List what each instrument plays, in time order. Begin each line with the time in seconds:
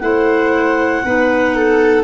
0.00 tuba A3, clarinet E4 F#5, viola C5
1.05 tuba B3, clarinet D#4, viola B4
1.56 viola A4